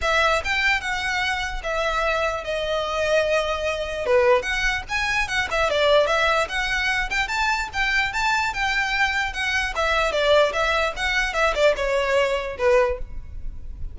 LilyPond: \new Staff \with { instrumentName = "violin" } { \time 4/4 \tempo 4 = 148 e''4 g''4 fis''2 | e''2 dis''2~ | dis''2 b'4 fis''4 | gis''4 fis''8 e''8 d''4 e''4 |
fis''4. g''8 a''4 g''4 | a''4 g''2 fis''4 | e''4 d''4 e''4 fis''4 | e''8 d''8 cis''2 b'4 | }